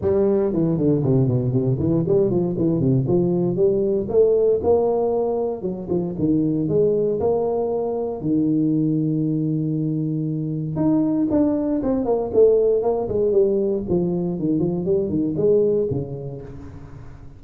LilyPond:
\new Staff \with { instrumentName = "tuba" } { \time 4/4 \tempo 4 = 117 g4 e8 d8 c8 b,8 c8 e8 | g8 f8 e8 c8 f4 g4 | a4 ais2 fis8 f8 | dis4 gis4 ais2 |
dis1~ | dis4 dis'4 d'4 c'8 ais8 | a4 ais8 gis8 g4 f4 | dis8 f8 g8 dis8 gis4 cis4 | }